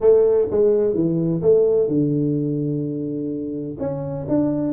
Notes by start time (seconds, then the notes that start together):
0.00 A3
0.51 G#3
0.93 E3
1.41 A3
1.87 D3
3.79 C#4
4.28 D4